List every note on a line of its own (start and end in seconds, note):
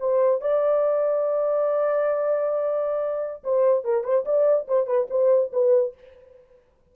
0.00 0.41 C5
0.41 3.43 D5
3.44 3.84 C5
3.84 4.04 A#4
4.04 4.25 C5
4.25 4.67 D5
4.68 4.87 C5
4.87 5.07 B4
5.10 5.52 C5
5.53 5.95 B4